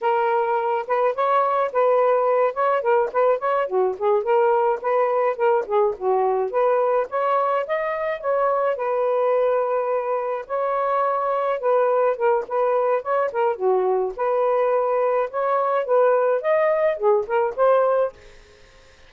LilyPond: \new Staff \with { instrumentName = "saxophone" } { \time 4/4 \tempo 4 = 106 ais'4. b'8 cis''4 b'4~ | b'8 cis''8 ais'8 b'8 cis''8 fis'8 gis'8 ais'8~ | ais'8 b'4 ais'8 gis'8 fis'4 b'8~ | b'8 cis''4 dis''4 cis''4 b'8~ |
b'2~ b'8 cis''4.~ | cis''8 b'4 ais'8 b'4 cis''8 ais'8 | fis'4 b'2 cis''4 | b'4 dis''4 gis'8 ais'8 c''4 | }